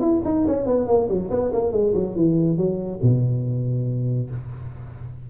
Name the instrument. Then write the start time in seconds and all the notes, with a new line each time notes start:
tuba
0.00 E4
0.25 D#4
0.47 C#4
0.66 B3
0.87 A#3
1.08 F#3
1.30 B3
1.52 A#3
1.72 G#3
1.94 F#3
2.15 E3
2.56 F#3
3.02 B2